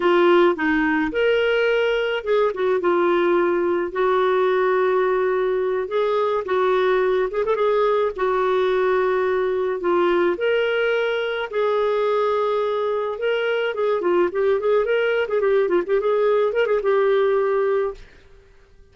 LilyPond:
\new Staff \with { instrumentName = "clarinet" } { \time 4/4 \tempo 4 = 107 f'4 dis'4 ais'2 | gis'8 fis'8 f'2 fis'4~ | fis'2~ fis'8 gis'4 fis'8~ | fis'4 gis'16 a'16 gis'4 fis'4.~ |
fis'4. f'4 ais'4.~ | ais'8 gis'2. ais'8~ | ais'8 gis'8 f'8 g'8 gis'8 ais'8. gis'16 g'8 | f'16 g'16 gis'4 ais'16 gis'16 g'2 | }